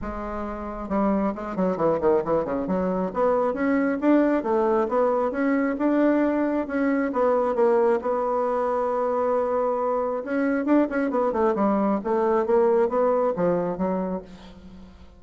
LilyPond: \new Staff \with { instrumentName = "bassoon" } { \time 4/4 \tempo 4 = 135 gis2 g4 gis8 fis8 | e8 dis8 e8 cis8 fis4 b4 | cis'4 d'4 a4 b4 | cis'4 d'2 cis'4 |
b4 ais4 b2~ | b2. cis'4 | d'8 cis'8 b8 a8 g4 a4 | ais4 b4 f4 fis4 | }